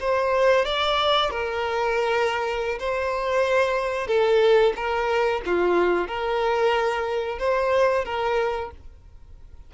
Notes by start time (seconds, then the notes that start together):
0.00 C5
0.65 D5
1.31 A#4
2.79 C5
4.07 A4
4.76 A#4
5.46 F4
6.08 A#4
7.39 C5
8.05 A#4